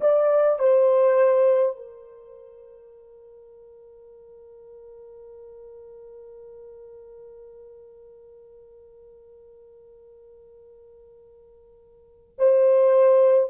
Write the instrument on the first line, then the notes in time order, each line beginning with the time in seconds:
horn
0.00 D5
0.58 C5
1.76 A#4
12.38 C5